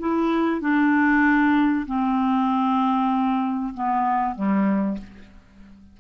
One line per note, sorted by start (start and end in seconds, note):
0.00 0.61 E4
0.61 1.86 D4
1.87 3.74 C4
3.74 4.36 B3
4.36 4.98 G3